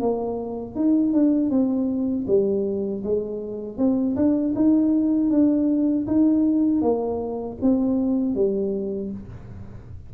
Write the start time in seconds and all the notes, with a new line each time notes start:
0.00 A#3
0.75 D#4
1.13 D4
1.50 C4
2.27 G3
3.03 G#3
3.78 C4
4.16 D4
4.55 D#4
5.31 D4
6.07 D#4
6.81 A#3
7.62 C4
8.35 G3